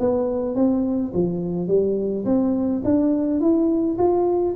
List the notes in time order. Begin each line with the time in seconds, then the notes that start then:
0.00 B3
0.56 C4
1.14 F3
1.68 G3
2.26 C4
2.85 D4
3.41 E4
3.98 F4